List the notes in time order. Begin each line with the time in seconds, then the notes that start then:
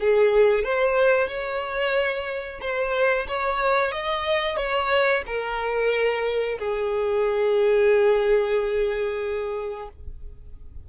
0.00 G#4
0.64 C5
1.28 C#5
2.61 C5
3.28 C#5
3.92 D#5
4.57 C#5
5.27 A#4
6.59 G#4